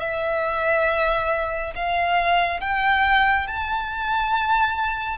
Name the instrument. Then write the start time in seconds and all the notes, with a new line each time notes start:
violin
0.00 E5
1.75 F5
2.61 G5
3.47 A5